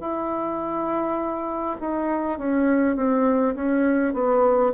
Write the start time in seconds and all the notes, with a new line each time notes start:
0.00 E4
1.80 D#4
2.38 C#4
2.96 C4
3.55 C#4
4.13 B3